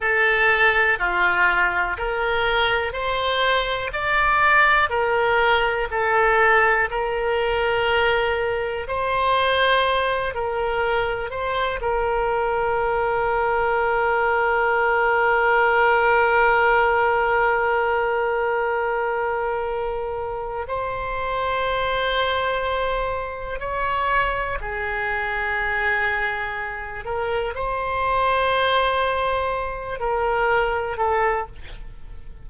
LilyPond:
\new Staff \with { instrumentName = "oboe" } { \time 4/4 \tempo 4 = 61 a'4 f'4 ais'4 c''4 | d''4 ais'4 a'4 ais'4~ | ais'4 c''4. ais'4 c''8 | ais'1~ |
ais'1~ | ais'4 c''2. | cis''4 gis'2~ gis'8 ais'8 | c''2~ c''8 ais'4 a'8 | }